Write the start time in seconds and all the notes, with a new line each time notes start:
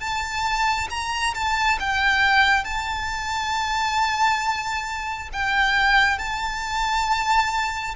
0.00 A5
0.90 A#5
1.34 A5
1.79 G5
2.64 A5
5.33 G5
6.18 A5